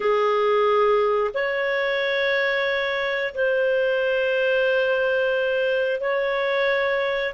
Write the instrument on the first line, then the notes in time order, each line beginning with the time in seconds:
clarinet
0.00 G#4
1.33 C#5
3.34 C5
6.00 C#5